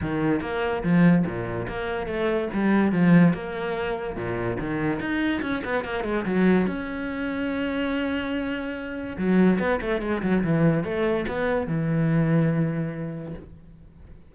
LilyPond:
\new Staff \with { instrumentName = "cello" } { \time 4/4 \tempo 4 = 144 dis4 ais4 f4 ais,4 | ais4 a4 g4 f4 | ais2 ais,4 dis4 | dis'4 cis'8 b8 ais8 gis8 fis4 |
cis'1~ | cis'2 fis4 b8 a8 | gis8 fis8 e4 a4 b4 | e1 | }